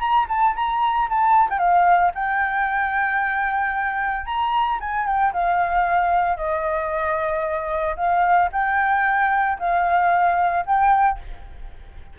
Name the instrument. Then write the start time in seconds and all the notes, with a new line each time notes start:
flute
0.00 A#5
0.29 A5
0.56 A#5
1.09 A5
1.50 G5
1.59 F5
2.15 G5
4.26 A#5
4.80 G#5
5.06 G5
5.33 F5
6.37 D#5
7.96 F5
8.52 G5
9.59 F5
10.66 G5